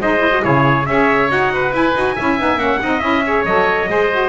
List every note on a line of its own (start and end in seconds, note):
0.00 0.43 G#3
0.00 0.20 D#4
0.00 0.44 C5
0.00 0.45 D#5
0.20 0.30 E4
0.32 0.41 F#4
0.41 0.87 C#3
0.41 0.85 E4
0.41 0.87 G#4
0.41 0.86 C#5
0.86 1.30 C#4
0.86 1.29 G#4
0.86 1.54 C#5
0.86 1.29 E5
1.29 1.72 D#4
1.29 1.72 F#4
1.29 1.74 F#5
1.54 2.16 B4
1.72 1.94 E4
1.72 1.95 E4
1.72 2.60 G#5
1.95 2.16 D#4
1.95 2.17 F#4
2.16 2.40 C#4
2.16 2.39 E4
2.16 2.80 E5
2.39 2.57 B3
2.39 2.58 D#4
2.57 2.78 A#3
2.57 2.80 C#4
2.57 3.00 F#5
2.82 3.02 C4
2.82 3.02 D#4
2.82 3.26 D#5
3.00 3.45 C#4
3.00 3.23 E4
3.00 3.43 E5
3.26 3.46 G#4
3.26 3.90 C#5
3.45 3.88 F#3
3.45 3.88 A4
3.45 4.30 D#5
3.88 4.30 G#3
3.88 4.09 G#4
3.88 4.30 C5
4.12 4.30 F#4